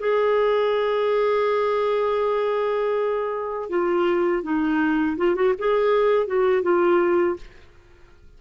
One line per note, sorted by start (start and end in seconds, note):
0.00 3.70 G#4
3.70 4.43 F4
4.43 5.17 D#4
5.18 5.35 F4
5.35 5.54 F#4
5.59 6.27 G#4
6.27 6.63 F#4
6.63 7.37 F4